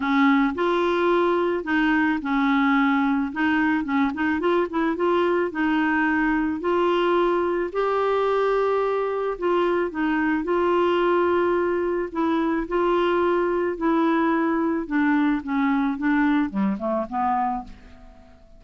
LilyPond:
\new Staff \with { instrumentName = "clarinet" } { \time 4/4 \tempo 4 = 109 cis'4 f'2 dis'4 | cis'2 dis'4 cis'8 dis'8 | f'8 e'8 f'4 dis'2 | f'2 g'2~ |
g'4 f'4 dis'4 f'4~ | f'2 e'4 f'4~ | f'4 e'2 d'4 | cis'4 d'4 g8 a8 b4 | }